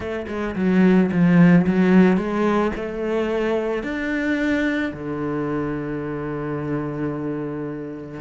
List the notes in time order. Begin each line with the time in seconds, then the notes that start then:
0.00 A3
0.27 G#3
0.55 F#3
1.11 F3
1.67 F#3
2.17 G#3
2.75 A3
3.83 D4
4.93 D3